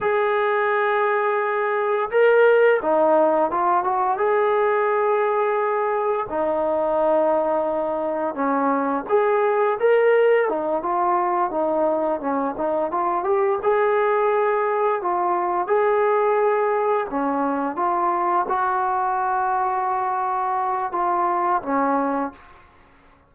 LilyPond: \new Staff \with { instrumentName = "trombone" } { \time 4/4 \tempo 4 = 86 gis'2. ais'4 | dis'4 f'8 fis'8 gis'2~ | gis'4 dis'2. | cis'4 gis'4 ais'4 dis'8 f'8~ |
f'8 dis'4 cis'8 dis'8 f'8 g'8 gis'8~ | gis'4. f'4 gis'4.~ | gis'8 cis'4 f'4 fis'4.~ | fis'2 f'4 cis'4 | }